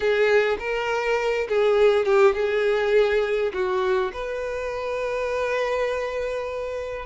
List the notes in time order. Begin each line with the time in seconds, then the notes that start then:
0.00 G#4
0.59 A#4
1.48 G#4
2.05 G4
2.34 G#4
3.53 F#4
4.13 B4